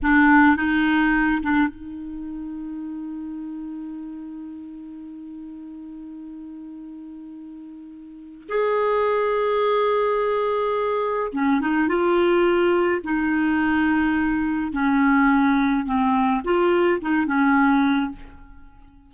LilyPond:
\new Staff \with { instrumentName = "clarinet" } { \time 4/4 \tempo 4 = 106 d'4 dis'4. d'8 dis'4~ | dis'1~ | dis'1~ | dis'2. gis'4~ |
gis'1 | cis'8 dis'8 f'2 dis'4~ | dis'2 cis'2 | c'4 f'4 dis'8 cis'4. | }